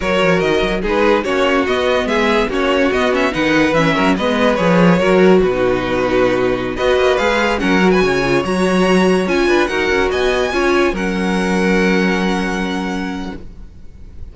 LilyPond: <<
  \new Staff \with { instrumentName = "violin" } { \time 4/4 \tempo 4 = 144 cis''4 dis''4 b'4 cis''4 | dis''4 e''4 cis''4 dis''8 e''8 | fis''4 e''4 dis''4 cis''4~ | cis''4 b'2.~ |
b'16 dis''4 f''4 fis''8. gis''4~ | gis''16 ais''2 gis''4 fis''8.~ | fis''16 gis''2 fis''4.~ fis''16~ | fis''1 | }
  \new Staff \with { instrumentName = "violin" } { \time 4/4 ais'2 gis'4 fis'4~ | fis'4 gis'4 fis'2 | b'4. ais'8 b'2 | ais'4 fis'2.~ |
fis'16 b'2 ais'8. b'16 cis''8.~ | cis''2~ cis''8. b'8 ais'8.~ | ais'16 dis''4 cis''4 ais'4.~ ais'16~ | ais'1 | }
  \new Staff \with { instrumentName = "viola" } { \time 4/4 fis'2 dis'4 cis'4 | b2 cis'4 b8 cis'8 | dis'4 cis'4 b4 gis'4 | fis'4~ fis'16 dis'2~ dis'8.~ |
dis'16 fis'4 gis'4 cis'8 fis'4 f'16~ | f'16 fis'2 f'4 fis'8.~ | fis'4~ fis'16 f'4 cis'4.~ cis'16~ | cis'1 | }
  \new Staff \with { instrumentName = "cello" } { \time 4/4 fis8 f8 dis8 fis8 gis4 ais4 | b4 gis4 ais4 b4 | dis4 e8 fis8 gis4 f4 | fis4 b,2.~ |
b,16 b8 ais8 gis4 fis4 cis8.~ | cis16 fis2 cis'8 d'8 dis'8 cis'16~ | cis'16 b4 cis'4 fis4.~ fis16~ | fis1 | }
>>